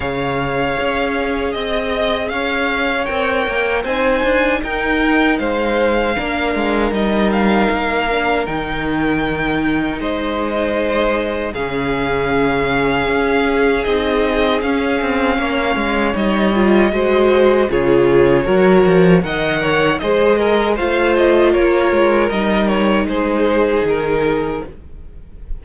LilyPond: <<
  \new Staff \with { instrumentName = "violin" } { \time 4/4 \tempo 4 = 78 f''2 dis''4 f''4 | g''4 gis''4 g''4 f''4~ | f''4 dis''8 f''4. g''4~ | g''4 dis''2 f''4~ |
f''2 dis''4 f''4~ | f''4 dis''2 cis''4~ | cis''4 fis''4 dis''4 f''8 dis''8 | cis''4 dis''8 cis''8 c''4 ais'4 | }
  \new Staff \with { instrumentName = "violin" } { \time 4/4 cis''2 dis''4 cis''4~ | cis''4 c''4 ais'4 c''4 | ais'1~ | ais'4 c''2 gis'4~ |
gis'1 | cis''2 c''4 gis'4 | ais'4 dis''8 cis''8 c''8 ais'8 c''4 | ais'2 gis'2 | }
  \new Staff \with { instrumentName = "viola" } { \time 4/4 gis'1 | ais'4 dis'2. | d'4 dis'4. d'8 dis'4~ | dis'2. cis'4~ |
cis'2 dis'4 cis'4~ | cis'4 dis'8 f'8 fis'4 f'4 | fis'4 ais'4 gis'4 f'4~ | f'4 dis'2. | }
  \new Staff \with { instrumentName = "cello" } { \time 4/4 cis4 cis'4 c'4 cis'4 | c'8 ais8 c'8 d'8 dis'4 gis4 | ais8 gis8 g4 ais4 dis4~ | dis4 gis2 cis4~ |
cis4 cis'4 c'4 cis'8 c'8 | ais8 gis8 g4 gis4 cis4 | fis8 f8 dis4 gis4 a4 | ais8 gis8 g4 gis4 dis4 | }
>>